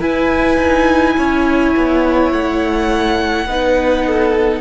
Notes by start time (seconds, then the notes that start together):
0.00 E4 B4 G#5
0.57 D#4
1.17 C#4 C#5
1.76 B3
2.31 A3 F#5
3.45 B3 D#4 B4
4.06 A4